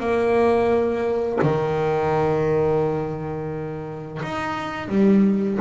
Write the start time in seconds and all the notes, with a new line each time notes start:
0.00 A#3
1.43 D#3
4.23 D#4
4.89 G3